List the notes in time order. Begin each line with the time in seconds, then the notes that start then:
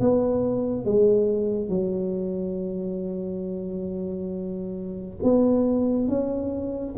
0.00 B3
0.85 G#3
1.68 F#3
5.23 B3
6.08 C#4